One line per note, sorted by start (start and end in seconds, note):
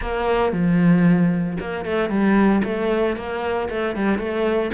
0.01 0.52 A#3
0.52 1.57 F3
1.60 1.85 A#3
1.85 2.09 A3
2.09 2.62 G3
2.64 3.16 A3
3.16 3.68 A#3
3.69 3.95 A3
3.95 4.18 G3
4.18 4.71 A3